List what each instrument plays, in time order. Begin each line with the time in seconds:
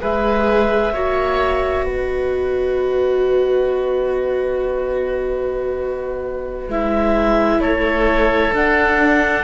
0.00 cello G#3, viola G#4, oboe B4, clarinet E5
0.93 cello A#3, viola F#4, oboe C#5
1.84 cello B3, oboe B4, clarinet D#5
6.68 cello G#3, viola E4, clarinet E5
7.59 cello A3, oboe A4, clarinet C#5
8.52 cello D4, viola D4, clarinet F#5